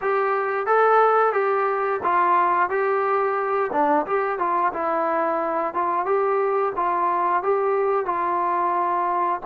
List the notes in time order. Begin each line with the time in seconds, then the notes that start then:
0.01 G4
0.66 A4
1.32 G4
2.03 F4
2.69 G4
3.72 D4
4.06 G4
4.39 F4
4.73 E4
5.74 F4
6.05 G4
6.76 F4
7.42 G4
8.05 F4